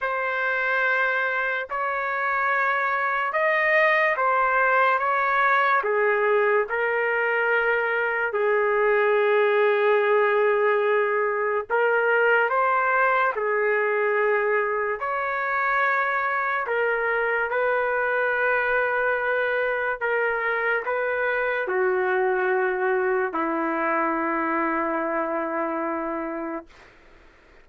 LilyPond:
\new Staff \with { instrumentName = "trumpet" } { \time 4/4 \tempo 4 = 72 c''2 cis''2 | dis''4 c''4 cis''4 gis'4 | ais'2 gis'2~ | gis'2 ais'4 c''4 |
gis'2 cis''2 | ais'4 b'2. | ais'4 b'4 fis'2 | e'1 | }